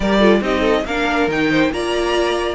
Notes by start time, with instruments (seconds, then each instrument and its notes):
0.00 cello G3, viola G4, violin A#4 D5
0.19 viola F4, violin A4
0.41 cello C4, viola D#4, violin G4 D#5
0.60 violin A4
0.85 cello A#3, viola D4, violin A#4 F5
1.27 cello D#3, viola D#4, violin G5
1.50 violin C5
1.71 cello A#3, viola F4, violin D5 A#5